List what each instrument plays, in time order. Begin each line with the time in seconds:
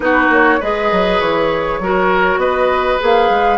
0.00 bassoon B3, clarinet D#4, oboe F#4, flute B4
0.29 bassoon A#3, flute C#5
0.60 bassoon G#3, clarinet G#4, oboe B4, flute D#5
0.91 bassoon F#3
1.20 bassoon E3, flute C#5
1.79 bassoon F#3, clarinet F#4, oboe A#4
2.37 bassoon B3, oboe B4, flute D#5
2.99 bassoon A#3, clarinet G#4, flute F5
3.29 bassoon G#3